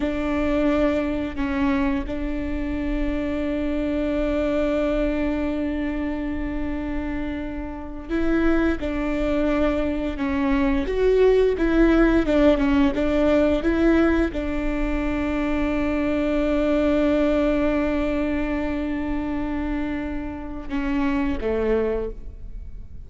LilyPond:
\new Staff \with { instrumentName = "viola" } { \time 4/4 \tempo 4 = 87 d'2 cis'4 d'4~ | d'1~ | d'2.~ d'8. e'16~ | e'8. d'2 cis'4 fis'16~ |
fis'8. e'4 d'8 cis'8 d'4 e'16~ | e'8. d'2.~ d'16~ | d'1~ | d'2 cis'4 a4 | }